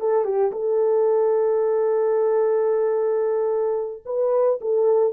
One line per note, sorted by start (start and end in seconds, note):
0.00 0.24 A4
0.24 0.51 G4
0.52 4.03 A4
4.05 4.59 B4
4.61 5.13 A4